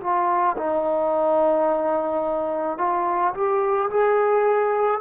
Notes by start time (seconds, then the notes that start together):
0.00 F4
0.57 D#4
2.78 F4
3.34 G4
3.90 G#4